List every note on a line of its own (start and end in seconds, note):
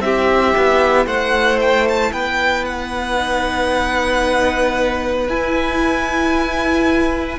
0.00 0.53 C4
0.00 3.16 E4
0.00 1.06 G4
0.00 1.06 E5
0.57 1.06 B3
1.06 2.11 A3
1.06 2.11 C5
1.06 1.59 F#5
1.61 1.87 G5
1.89 2.12 A5
2.12 5.28 B3
2.12 7.39 B4
2.12 2.65 G5
2.65 5.28 F#5
3.16 5.26 D#4
5.28 7.38 E4
5.28 7.39 E4
5.28 7.39 G#5